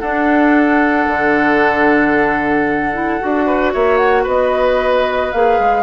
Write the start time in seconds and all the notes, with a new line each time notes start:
0.00 D4 A4 F#5
1.08 D3
2.93 E4
3.21 D4 F#4
3.46 B4
3.73 A#3 C#5 E5
3.97 F#5
4.23 B3 B4 D#5
5.32 A#3 G#4 F5
5.60 G#3